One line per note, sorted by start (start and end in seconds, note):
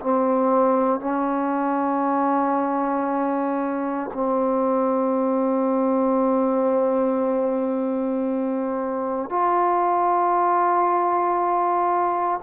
0.00 1.00 C4
1.00 4.11 C#4
4.14 9.30 C4
9.30 12.40 F4